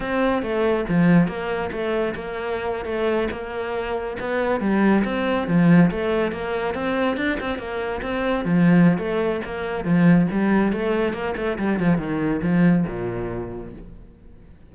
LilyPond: \new Staff \with { instrumentName = "cello" } { \time 4/4 \tempo 4 = 140 c'4 a4 f4 ais4 | a4 ais4.~ ais16 a4 ais16~ | ais4.~ ais16 b4 g4 c'16~ | c'8. f4 a4 ais4 c'16~ |
c'8. d'8 c'8 ais4 c'4 f16~ | f4 a4 ais4 f4 | g4 a4 ais8 a8 g8 f8 | dis4 f4 ais,2 | }